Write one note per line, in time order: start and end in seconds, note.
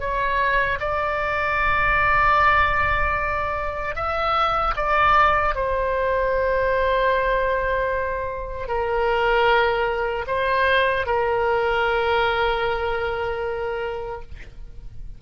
0.00 0.79 C#5
0.80 3.96 D5
3.96 4.75 E5
4.77 5.56 D5
5.56 8.68 C5
8.68 10.26 A#4
10.27 11.06 C5
11.06 14.22 A#4